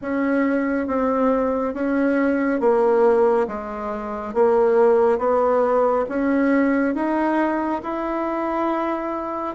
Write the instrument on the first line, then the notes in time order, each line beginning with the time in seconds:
bassoon
0.01 C#4
0.87 C4
1.74 C#4
2.60 A#3
3.47 G#3
4.34 A#3
5.18 B3
6.08 C#4
6.94 D#4
7.82 E4